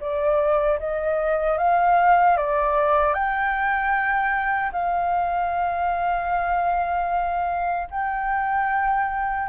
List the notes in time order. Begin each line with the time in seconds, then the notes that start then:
0.00 D5
0.79 D#5
1.58 F5
2.37 D5
3.14 G5
4.72 F5
7.91 G5